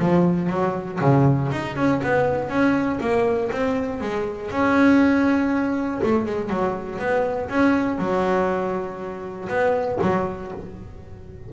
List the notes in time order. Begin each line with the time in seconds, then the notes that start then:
0.00 F3
0.50 F#3
1.01 C#3
1.52 D#4
1.76 C#4
2.03 B3
2.50 C#4
3.01 A#3
3.52 C4
4.01 G#3
4.51 C#4
6.04 A3
6.26 G#3
6.50 F#3
6.99 B3
7.50 C#4
7.99 F#3
9.49 B3
10.02 F#3